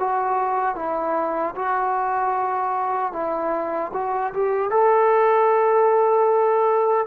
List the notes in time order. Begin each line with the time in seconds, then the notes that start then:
0.00 F#4
0.76 E4
1.56 F#4
3.13 E4
3.94 F#4
4.34 G4
4.71 A4